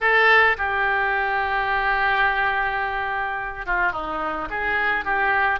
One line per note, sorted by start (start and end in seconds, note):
0.00 0.56 A4
0.57 3.66 G4
3.66 3.92 F4
3.92 4.48 D#4
4.49 5.04 G#4
5.04 5.59 G4